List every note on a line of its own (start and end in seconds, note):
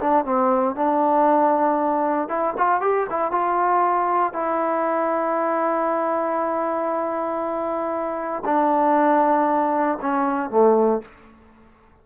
0.00 0.25 D4
0.25 0.75 C4
0.75 2.28 D4
2.28 2.54 E4
2.57 2.81 F4
2.81 3.07 G4
3.09 3.31 E4
3.31 4.33 F4
4.33 8.43 E4
8.45 9.98 D4
10.01 10.50 C#4
10.50 11.01 A3